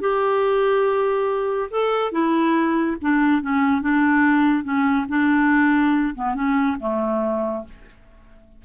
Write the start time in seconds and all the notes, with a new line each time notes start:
0.00 G4
1.70 A4
2.12 E4
3.01 D4
3.41 C#4
3.81 D4
4.63 C#4
5.08 D4
6.15 B3
6.34 C#4
6.80 A3